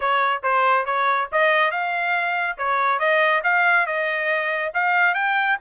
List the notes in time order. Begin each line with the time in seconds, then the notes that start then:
0.00 C#5
0.42 C5
0.85 C#5
1.32 D#5
1.71 F5
2.57 C#5
2.99 D#5
3.43 F5
3.86 D#5
4.74 F5
5.14 G5